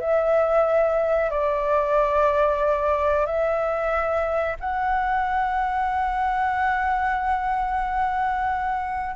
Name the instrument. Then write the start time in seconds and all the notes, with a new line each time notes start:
flute
0.00 E5
1.30 D5
3.26 E5
4.60 F#5